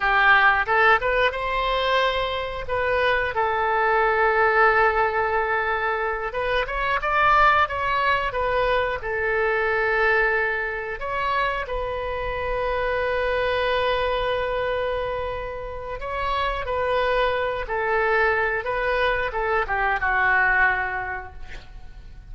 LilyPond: \new Staff \with { instrumentName = "oboe" } { \time 4/4 \tempo 4 = 90 g'4 a'8 b'8 c''2 | b'4 a'2.~ | a'4. b'8 cis''8 d''4 cis''8~ | cis''8 b'4 a'2~ a'8~ |
a'8 cis''4 b'2~ b'8~ | b'1 | cis''4 b'4. a'4. | b'4 a'8 g'8 fis'2 | }